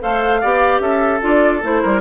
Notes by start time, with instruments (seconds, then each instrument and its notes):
0.00 bassoon A3, clarinet A4, oboe C5, flute F5
0.41 bassoon B3, clarinet G4, oboe D5
0.79 bassoon C#4, oboe A4, flute E5
1.21 bassoon D4, clarinet F4, flute D5
1.62 bassoon A3, clarinet E4, flute C5
1.82 bassoon G3, oboe A#4